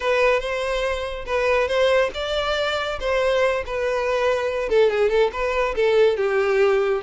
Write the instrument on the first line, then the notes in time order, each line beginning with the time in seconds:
violin
0.00 B4
0.39 C5
1.26 B4
1.68 C5
2.14 D5
3.00 C5
3.65 B4
4.69 A4
4.90 G#4
5.09 A4
5.32 B4
5.75 A4
6.16 G4